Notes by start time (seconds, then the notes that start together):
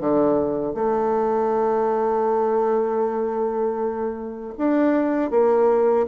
0.00 D3
0.74 A3
4.57 D4
5.30 A#3